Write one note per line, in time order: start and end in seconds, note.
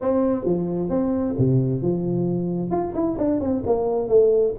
0.01 0.44 C4
0.44 0.89 F3
0.89 1.35 C4
1.38 1.82 C3
1.82 2.70 F3
2.70 2.93 F4
2.94 3.17 E4
3.18 3.40 D4
3.40 3.63 C4
3.66 4.08 A#3
4.08 4.54 A3